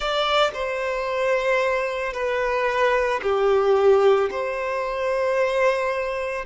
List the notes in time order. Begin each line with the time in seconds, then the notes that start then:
0.00 D5
0.53 C5
2.13 B4
3.22 G4
4.31 C5